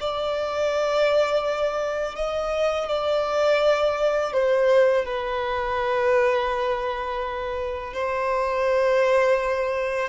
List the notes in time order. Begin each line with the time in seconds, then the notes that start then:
0.00 D5
2.16 D#5
2.88 D5
4.33 C5
5.05 B4
7.94 C5